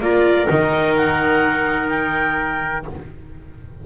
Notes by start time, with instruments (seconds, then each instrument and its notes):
0.00 double bass A#3, viola F4, trumpet A#4, clarinet D5
0.47 double bass D#3, viola D#4, clarinet D#5
0.97 clarinet F#5
1.89 clarinet G5